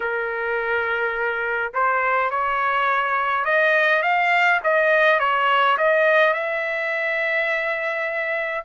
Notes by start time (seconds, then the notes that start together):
0.00 A#4
1.73 C5
2.30 C#5
3.44 D#5
4.02 F5
4.63 D#5
5.19 C#5
5.77 D#5
6.33 E5